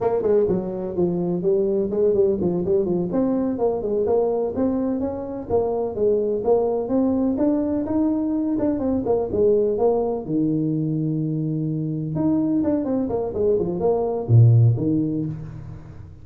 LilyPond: \new Staff \with { instrumentName = "tuba" } { \time 4/4 \tempo 4 = 126 ais8 gis8 fis4 f4 g4 | gis8 g8 f8 g8 f8 c'4 ais8 | gis8 ais4 c'4 cis'4 ais8~ | ais8 gis4 ais4 c'4 d'8~ |
d'8 dis'4. d'8 c'8 ais8 gis8~ | gis8 ais4 dis2~ dis8~ | dis4. dis'4 d'8 c'8 ais8 | gis8 f8 ais4 ais,4 dis4 | }